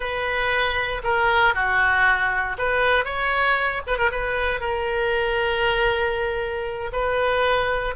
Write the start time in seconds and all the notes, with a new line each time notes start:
0.00 B4
1.03 A#4
1.54 F#4
2.58 B4
3.04 C#5
3.86 B4
3.98 A#4
4.11 B4
4.60 A#4
6.92 B4